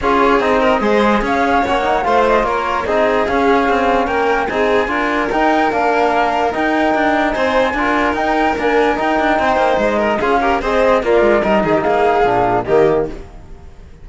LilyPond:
<<
  \new Staff \with { instrumentName = "flute" } { \time 4/4 \tempo 4 = 147 cis''4 dis''2 f''4 | fis''4 f''8 dis''8 cis''4 dis''4 | f''2 g''4 gis''4~ | gis''4 g''4 f''2 |
g''2 gis''2 | g''4 gis''4 g''2 | dis''4 f''4 dis''4 d''4 | dis''4 f''2 dis''4 | }
  \new Staff \with { instrumentName = "violin" } { \time 4/4 gis'4. ais'8 c''4 cis''4~ | cis''4 c''4 ais'4 gis'4~ | gis'2 ais'4 gis'4 | ais'1~ |
ais'2 c''4 ais'4~ | ais'2. c''4~ | c''8 ais'8 gis'8 ais'8 c''4 f'4 | ais'8 gis'16 g'16 gis'2 g'4 | }
  \new Staff \with { instrumentName = "trombone" } { \time 4/4 f'4 dis'4 gis'2 | cis'8 dis'8 f'2 dis'4 | cis'2. dis'4 | f'4 dis'4 d'2 |
dis'2. f'4 | dis'4 ais4 dis'2~ | dis'4 f'8 g'8 gis'4 ais'4 | dis'2 d'4 ais4 | }
  \new Staff \with { instrumentName = "cello" } { \time 4/4 cis'4 c'4 gis4 cis'4 | ais4 a4 ais4 c'4 | cis'4 c'4 ais4 c'4 | d'4 dis'4 ais2 |
dis'4 d'4 c'4 d'4 | dis'4 d'4 dis'8 d'8 c'8 ais8 | gis4 cis'4 c'4 ais8 gis8 | g8 dis8 ais4 ais,4 dis4 | }
>>